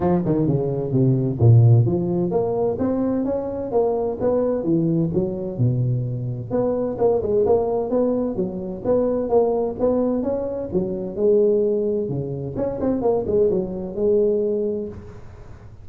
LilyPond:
\new Staff \with { instrumentName = "tuba" } { \time 4/4 \tempo 4 = 129 f8 dis8 cis4 c4 ais,4 | f4 ais4 c'4 cis'4 | ais4 b4 e4 fis4 | b,2 b4 ais8 gis8 |
ais4 b4 fis4 b4 | ais4 b4 cis'4 fis4 | gis2 cis4 cis'8 c'8 | ais8 gis8 fis4 gis2 | }